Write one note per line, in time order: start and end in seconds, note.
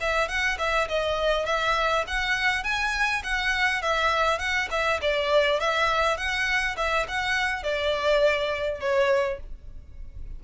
0.00 0.28 E5
0.28 0.57 F#5
0.58 0.87 E5
0.88 1.45 D#5
1.45 2.04 E5
2.07 2.63 F#5
2.63 3.22 G#5
3.23 3.82 F#5
3.82 4.39 E5
4.39 4.68 F#5
4.70 5.00 E5
5.01 5.60 D5
5.60 6.17 E5
6.17 6.76 F#5
6.76 7.06 E5
7.07 7.63 F#5
7.63 8.80 D5
8.80 9.39 C#5